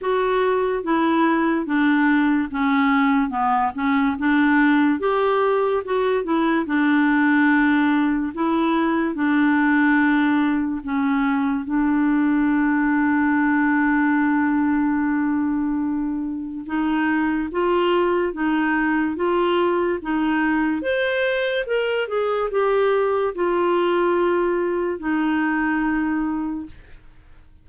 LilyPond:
\new Staff \with { instrumentName = "clarinet" } { \time 4/4 \tempo 4 = 72 fis'4 e'4 d'4 cis'4 | b8 cis'8 d'4 g'4 fis'8 e'8 | d'2 e'4 d'4~ | d'4 cis'4 d'2~ |
d'1 | dis'4 f'4 dis'4 f'4 | dis'4 c''4 ais'8 gis'8 g'4 | f'2 dis'2 | }